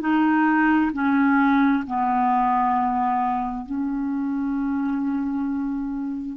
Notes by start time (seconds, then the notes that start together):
0.00 D#4
0.93 C#4
1.87 B3
3.65 C#4